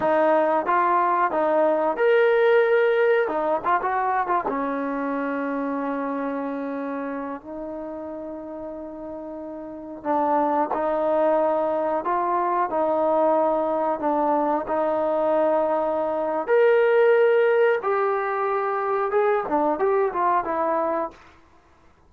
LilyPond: \new Staff \with { instrumentName = "trombone" } { \time 4/4 \tempo 4 = 91 dis'4 f'4 dis'4 ais'4~ | ais'4 dis'8 f'16 fis'8. f'16 cis'4~ cis'16~ | cis'2.~ cis'16 dis'8.~ | dis'2.~ dis'16 d'8.~ |
d'16 dis'2 f'4 dis'8.~ | dis'4~ dis'16 d'4 dis'4.~ dis'16~ | dis'4 ais'2 g'4~ | g'4 gis'8 d'8 g'8 f'8 e'4 | }